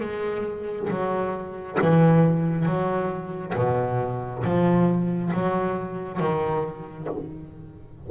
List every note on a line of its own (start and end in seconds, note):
0.00 0.88 G#3
0.90 1.78 F#3
1.81 2.66 E3
2.66 3.54 F#3
3.55 4.43 B2
4.44 5.32 F3
5.33 6.20 F#3
6.20 7.08 D#3